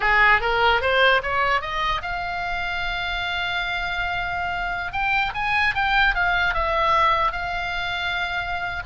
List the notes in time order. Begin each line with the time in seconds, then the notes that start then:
0.00 G#4
0.40 A#4
0.81 C5
1.22 C#5
1.61 D#5
2.02 F5
4.92 G5
5.34 G#5
5.74 G5
6.14 F5
6.54 E5
7.32 F5